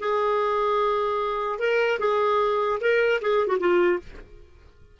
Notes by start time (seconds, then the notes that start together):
0.00 G#4
1.59 A#4
2.00 G#4
2.81 A#4
3.22 G#4
3.48 F#4
3.60 F4